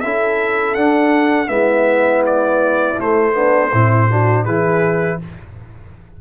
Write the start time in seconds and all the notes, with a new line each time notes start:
0.00 C#4 E4 A4 E5
0.74 D4 F#5
1.47 G#3 B3 E4 E5
2.25 D5
2.98 A3 C5
3.32 B3 D4
3.71 A2 C4 E4
4.09 D4 F#4
4.44 E3 E4 G#4 B4